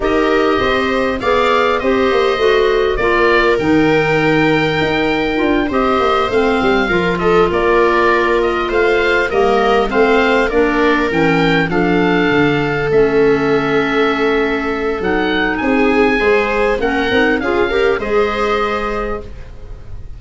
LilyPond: <<
  \new Staff \with { instrumentName = "oboe" } { \time 4/4 \tempo 4 = 100 dis''2 f''4 dis''4~ | dis''4 d''4 g''2~ | g''4. dis''4 f''4. | dis''8 d''4. dis''8 f''4 dis''8~ |
dis''8 f''4 d''4 g''4 f''8~ | f''4. e''2~ e''8~ | e''4 fis''4 gis''2 | fis''4 f''4 dis''2 | }
  \new Staff \with { instrumentName = "viola" } { \time 4/4 ais'4 c''4 d''4 c''4~ | c''4 ais'2.~ | ais'4. c''2 ais'8 | a'8 ais'2 c''4 ais'8~ |
ais'8 c''4 ais'2 a'8~ | a'1~ | a'2 gis'4 c''4 | ais'4 gis'8 ais'8 c''2 | }
  \new Staff \with { instrumentName = "clarinet" } { \time 4/4 g'2 gis'4 g'4 | fis'4 f'4 dis'2~ | dis'4 f'8 g'4 c'4 f'8~ | f'2.~ f'8 ais8~ |
ais8 c'4 d'4 cis'4 d'8~ | d'4. cis'2~ cis'8~ | cis'4 dis'2 gis'4 | cis'8 dis'8 f'8 g'8 gis'2 | }
  \new Staff \with { instrumentName = "tuba" } { \time 4/4 dis'4 c'4 b4 c'8 ais8 | a4 ais4 dis2 | dis'4 d'8 c'8 ais8 a8 g8 f8~ | f8 ais2 a4 g8~ |
g8 a4 ais4 e4 f8~ | f8 d4 a2~ a8~ | a4 fis4 c'4 gis4 | ais8 c'8 cis'4 gis2 | }
>>